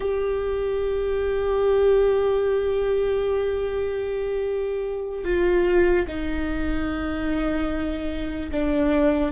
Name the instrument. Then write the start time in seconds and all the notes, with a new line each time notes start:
viola
0.00 G4
5.24 F4
6.07 D#4
8.51 D4